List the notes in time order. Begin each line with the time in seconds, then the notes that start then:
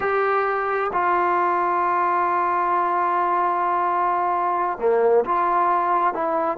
0.00 G4
0.92 F4
4.79 A#3
5.24 F4
6.13 E4